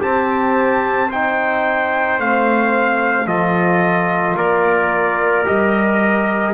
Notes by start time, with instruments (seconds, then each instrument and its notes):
0.00 trombone C4, double bass C4, trumpet G4 A5
1.08 trombone D#4, trumpet C5 G5
2.20 double bass A3, trombone C4, trumpet F5
3.26 double bass F3, trombone F4, trumpet A4 D#5
4.36 double bass A#3, trumpet A#4 D5
5.45 double bass G3, trombone G4, trumpet D#5